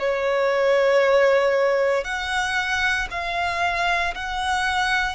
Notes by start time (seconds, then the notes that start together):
0.00 C#5
2.05 F#5
3.11 F5
4.15 F#5